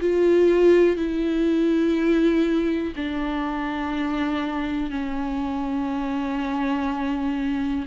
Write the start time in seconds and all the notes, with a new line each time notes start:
0.00 F4
0.96 E4
2.96 D4
4.90 C#4